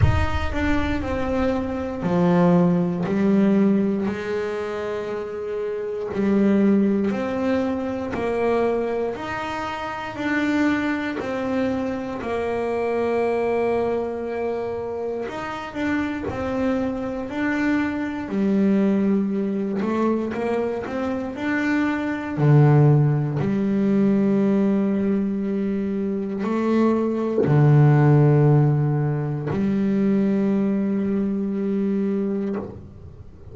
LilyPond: \new Staff \with { instrumentName = "double bass" } { \time 4/4 \tempo 4 = 59 dis'8 d'8 c'4 f4 g4 | gis2 g4 c'4 | ais4 dis'4 d'4 c'4 | ais2. dis'8 d'8 |
c'4 d'4 g4. a8 | ais8 c'8 d'4 d4 g4~ | g2 a4 d4~ | d4 g2. | }